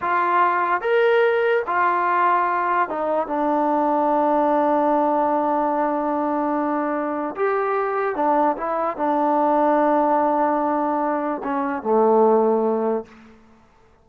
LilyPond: \new Staff \with { instrumentName = "trombone" } { \time 4/4 \tempo 4 = 147 f'2 ais'2 | f'2. dis'4 | d'1~ | d'1~ |
d'2 g'2 | d'4 e'4 d'2~ | d'1 | cis'4 a2. | }